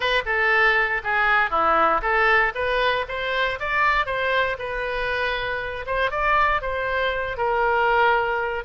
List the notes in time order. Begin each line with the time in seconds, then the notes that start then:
0.00 B4
0.25 A4
1.03 G#4
1.50 E4
2.02 A4
2.54 B4
3.08 C5
3.59 D5
4.05 C5
4.58 B4
5.86 C5
6.10 D5
6.61 C5
7.37 A#4